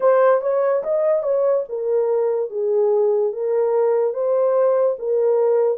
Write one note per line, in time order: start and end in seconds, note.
0.00 0.41 C5
0.41 0.82 C#5
0.83 1.23 D#5
1.23 1.64 C#5
1.68 2.49 A#4
2.49 3.32 G#4
3.33 4.13 A#4
4.13 4.96 C5
4.98 5.77 A#4